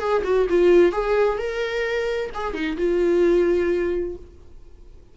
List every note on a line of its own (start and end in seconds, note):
0.00 0.23 G#4
0.24 0.47 F#4
0.50 0.93 F4
0.93 1.38 G#4
1.38 2.31 A#4
2.35 2.54 G#4
2.54 2.77 D#4
2.78 4.16 F4